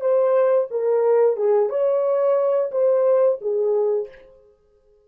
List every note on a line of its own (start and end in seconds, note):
0.00 0.67 C5
0.70 1.36 A#4
1.36 1.69 G#4
1.69 2.70 C#5
2.71 3.38 C5
3.40 4.08 G#4